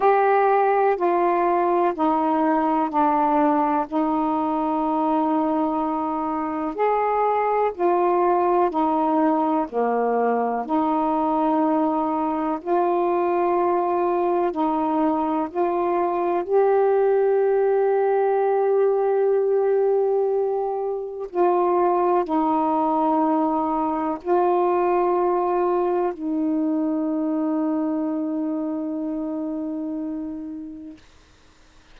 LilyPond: \new Staff \with { instrumentName = "saxophone" } { \time 4/4 \tempo 4 = 62 g'4 f'4 dis'4 d'4 | dis'2. gis'4 | f'4 dis'4 ais4 dis'4~ | dis'4 f'2 dis'4 |
f'4 g'2.~ | g'2 f'4 dis'4~ | dis'4 f'2 dis'4~ | dis'1 | }